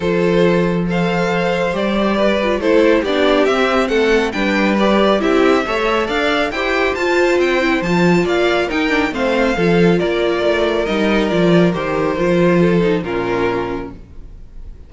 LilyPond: <<
  \new Staff \with { instrumentName = "violin" } { \time 4/4 \tempo 4 = 138 c''2 f''2 | d''2 c''4 d''4 | e''4 fis''4 g''4 d''4 | e''2 f''4 g''4 |
a''4 g''4 a''4 f''4 | g''4 f''2 d''4~ | d''4 dis''4 d''4 c''4~ | c''2 ais'2 | }
  \new Staff \with { instrumentName = "violin" } { \time 4/4 a'2 c''2~ | c''4 b'4 a'4 g'4~ | g'4 a'4 b'2 | g'4 cis''4 d''4 c''4~ |
c''2. d''4 | ais'4 c''4 a'4 ais'4~ | ais'1~ | ais'4 a'4 f'2 | }
  \new Staff \with { instrumentName = "viola" } { \time 4/4 f'2 a'2 | g'4. f'8 e'4 d'4 | c'2 d'4 g'4 | e'4 a'2 g'4 |
f'4. e'8 f'2 | dis'8 d'8 c'4 f'2~ | f'4 dis'4 f'4 g'4 | f'4. dis'8 cis'2 | }
  \new Staff \with { instrumentName = "cello" } { \time 4/4 f1 | g2 a4 b4 | c'4 a4 g2 | c'4 a4 d'4 e'4 |
f'4 c'4 f4 ais4 | dis'4 a4 f4 ais4 | a4 g4 f4 dis4 | f2 ais,2 | }
>>